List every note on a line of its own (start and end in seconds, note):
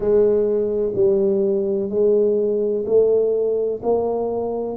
0.00 0.93 G#3
0.94 1.89 G3
1.89 2.84 G#3
2.86 3.81 A3
3.82 4.77 A#3